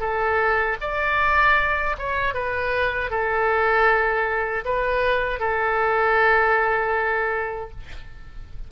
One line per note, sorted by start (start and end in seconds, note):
0.00 0.77 A4
0.81 1.96 D5
1.98 2.34 C#5
2.34 3.10 B4
3.10 4.64 A4
4.65 5.40 B4
5.40 7.71 A4